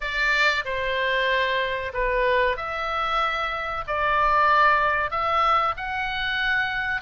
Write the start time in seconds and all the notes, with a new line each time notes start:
0.00 D5
0.64 C5
1.93 B4
2.56 E5
3.87 D5
5.11 E5
5.76 F#5